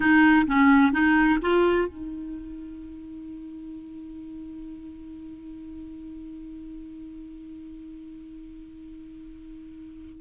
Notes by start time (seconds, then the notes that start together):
0.00 D#4
0.47 C#4
0.92 D#4
1.41 F4
1.88 D#4